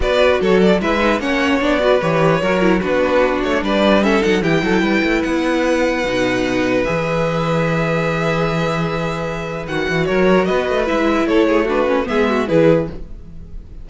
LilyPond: <<
  \new Staff \with { instrumentName = "violin" } { \time 4/4 \tempo 4 = 149 d''4 cis''8 d''8 e''4 fis''4 | d''4 cis''2 b'4~ | b'8 cis''8 d''4 e''8 fis''8 g''4~ | g''4 fis''2.~ |
fis''4 e''2.~ | e''1 | fis''4 cis''4 dis''4 e''4 | cis''4 b'4 e''4 b'4 | }
  \new Staff \with { instrumentName = "violin" } { \time 4/4 b'4 a'4 b'4 cis''4~ | cis''8 b'4. ais'4 fis'4~ | fis'4 b'4 a'4 g'8 a'8 | b'1~ |
b'1~ | b'1~ | b'4 ais'4 b'2 | a'8 gis'8 fis'4 gis'8 fis'8 gis'4 | }
  \new Staff \with { instrumentName = "viola" } { \time 4/4 fis'2 e'8 dis'8 cis'4 | d'8 fis'8 g'4 fis'8 e'8 d'4~ | d'2 cis'8 dis'8 e'4~ | e'2. dis'4~ |
dis'4 gis'2.~ | gis'1 | fis'2. e'4~ | e'4 d'8 cis'8 b4 e'4 | }
  \new Staff \with { instrumentName = "cello" } { \time 4/4 b4 fis4 gis4 ais4 | b4 e4 fis4 b4~ | b8 a8 g4. fis8 e8 fis8 | g8 a8 b2 b,4~ |
b,4 e2.~ | e1 | dis8 e8 fis4 b8 a8 gis4 | a2 gis4 e4 | }
>>